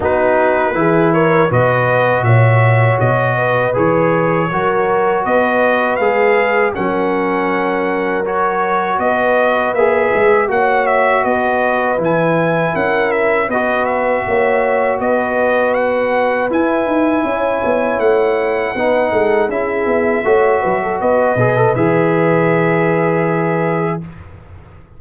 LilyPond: <<
  \new Staff \with { instrumentName = "trumpet" } { \time 4/4 \tempo 4 = 80 b'4. cis''8 dis''4 e''4 | dis''4 cis''2 dis''4 | f''4 fis''2 cis''4 | dis''4 e''4 fis''8 e''8 dis''4 |
gis''4 fis''8 e''8 dis''8 e''4. | dis''4 fis''4 gis''2 | fis''2 e''2 | dis''4 e''2. | }
  \new Staff \with { instrumentName = "horn" } { \time 4/4 fis'4 gis'8 ais'8 b'4 cis''4~ | cis''8 b'4. ais'4 b'4~ | b'4 ais'2. | b'2 cis''4 b'4~ |
b'4 ais'4 b'4 cis''4 | b'2. cis''4~ | cis''4 b'8 a'8 gis'4 cis''8 b'16 a'16 | b'1 | }
  \new Staff \with { instrumentName = "trombone" } { \time 4/4 dis'4 e'4 fis'2~ | fis'4 gis'4 fis'2 | gis'4 cis'2 fis'4~ | fis'4 gis'4 fis'2 |
e'2 fis'2~ | fis'2 e'2~ | e'4 dis'4 e'4 fis'4~ | fis'8 gis'16 a'16 gis'2. | }
  \new Staff \with { instrumentName = "tuba" } { \time 4/4 b4 e4 b,4 ais,4 | b,4 e4 fis4 b4 | gis4 fis2. | b4 ais8 gis8 ais4 b4 |
e4 cis'4 b4 ais4 | b2 e'8 dis'8 cis'8 b8 | a4 b8 gis8 cis'8 b8 a8 fis8 | b8 b,8 e2. | }
>>